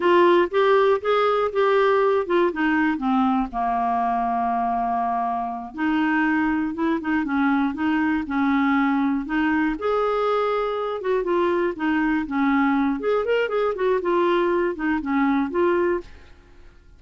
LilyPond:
\new Staff \with { instrumentName = "clarinet" } { \time 4/4 \tempo 4 = 120 f'4 g'4 gis'4 g'4~ | g'8 f'8 dis'4 c'4 ais4~ | ais2.~ ais8 dis'8~ | dis'4. e'8 dis'8 cis'4 dis'8~ |
dis'8 cis'2 dis'4 gis'8~ | gis'2 fis'8 f'4 dis'8~ | dis'8 cis'4. gis'8 ais'8 gis'8 fis'8 | f'4. dis'8 cis'4 f'4 | }